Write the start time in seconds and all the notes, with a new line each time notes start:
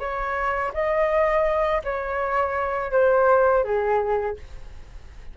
0.00 C#5
0.74 D#5
1.85 C#5
2.92 C5
3.64 G#4